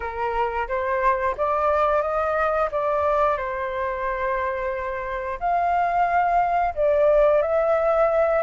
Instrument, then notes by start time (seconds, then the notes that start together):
flute
0.00 A#4
0.67 C5
1.37 D5
2.01 D#5
2.71 D5
3.37 C5
5.39 F5
6.74 D5
7.42 E5